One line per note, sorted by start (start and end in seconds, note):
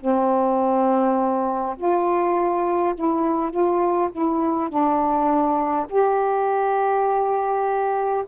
0.00 1.76 C4
1.78 2.95 F4
2.95 3.51 E4
3.51 4.10 F4
4.12 4.70 E4
4.70 5.87 D4
5.90 8.25 G4